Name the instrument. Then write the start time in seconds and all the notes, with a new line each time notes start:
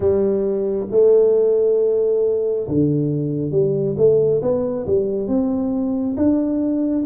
tuba
0.00 G3
0.91 A3
2.68 D3
3.51 G3
3.97 A3
4.42 B3
4.86 G3
5.27 C4
6.16 D4